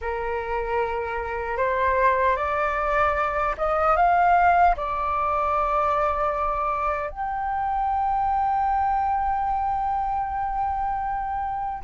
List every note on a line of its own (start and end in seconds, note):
0.01 1.57 A#4
1.57 2.36 C5
2.36 3.55 D5
3.57 3.96 D#5
3.96 4.75 F5
4.76 7.09 D5
7.09 11.83 G5